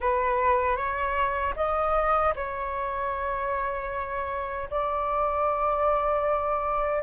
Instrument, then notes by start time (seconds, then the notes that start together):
flute
0.00 B4
0.76 C#5
1.55 D#5
2.35 C#5
4.70 D5